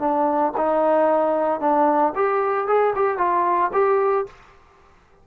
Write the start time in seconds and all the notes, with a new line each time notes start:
0.00 D4
0.57 D#4
1.60 D4
2.16 G4
2.68 G#4
2.96 G4
3.18 F4
3.74 G4